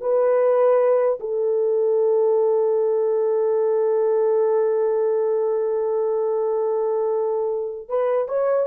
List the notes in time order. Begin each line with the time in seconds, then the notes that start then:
0.00 B4
1.19 A4
7.88 B4
8.28 C#5